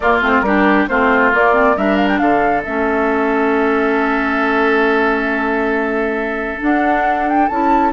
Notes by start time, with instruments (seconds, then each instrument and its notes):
0.00 bassoon A#3, clarinet A#3, oboe F4, flute D5
0.21 bassoon A3, clarinet C4, flute C5
0.41 bassoon G3, clarinet D4, oboe G4, flute A#4
0.88 bassoon A3, clarinet C4, oboe F4, flute C5
1.33 clarinet A#3, bassoon A#3, flute D5
1.53 clarinet C4
1.76 bassoon G3, clarinet D4, oboe A#4, flute E5
1.96 flute F5
2.08 flute G5
2.18 bassoon D3, oboe A4, flute F5
2.63 bassoon A3, clarinet C#4, flute E5
6.60 clarinet D4, bassoon D4, flute F#5
7.28 flute G5
7.48 bassoon C#4, clarinet E4, flute A5